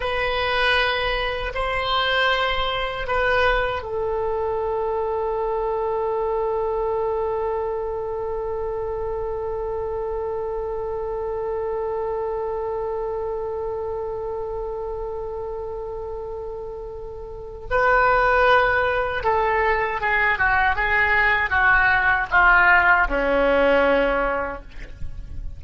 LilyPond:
\new Staff \with { instrumentName = "oboe" } { \time 4/4 \tempo 4 = 78 b'2 c''2 | b'4 a'2.~ | a'1~ | a'1~ |
a'1~ | a'2. b'4~ | b'4 a'4 gis'8 fis'8 gis'4 | fis'4 f'4 cis'2 | }